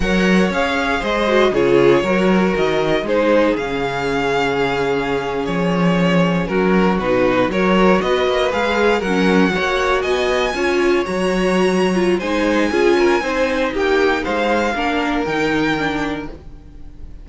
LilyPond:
<<
  \new Staff \with { instrumentName = "violin" } { \time 4/4 \tempo 4 = 118 fis''4 f''4 dis''4 cis''4~ | cis''4 dis''4 c''4 f''4~ | f''2~ f''8. cis''4~ cis''16~ | cis''8. ais'4 b'4 cis''4 dis''16~ |
dis''8. f''4 fis''2 gis''16~ | gis''4.~ gis''16 ais''2~ ais''16 | gis''2. g''4 | f''2 g''2 | }
  \new Staff \with { instrumentName = "violin" } { \time 4/4 cis''2 c''4 gis'4 | ais'2 gis'2~ | gis'1~ | gis'8. fis'2 ais'4 b'16~ |
b'4.~ b'16 ais'4 cis''4 dis''16~ | dis''8. cis''2.~ cis''16 | c''4 gis'8 ais'8 c''4 g'4 | c''4 ais'2. | }
  \new Staff \with { instrumentName = "viola" } { \time 4/4 ais'4 gis'4. fis'8 f'4 | fis'2 dis'4 cis'4~ | cis'1~ | cis'4.~ cis'16 dis'4 fis'4~ fis'16~ |
fis'8. gis'4 cis'4 fis'4~ fis'16~ | fis'8. f'4 fis'4.~ fis'16 f'8 | dis'4 f'4 dis'2~ | dis'4 d'4 dis'4 d'4 | }
  \new Staff \with { instrumentName = "cello" } { \time 4/4 fis4 cis'4 gis4 cis4 | fis4 dis4 gis4 cis4~ | cis2~ cis8. f4~ f16~ | f8. fis4 b,4 fis4 b16~ |
b16 ais8 gis4 fis4 ais4 b16~ | b8. cis'4 fis2~ fis16 | gis4 cis'4 c'4 ais4 | gis4 ais4 dis2 | }
>>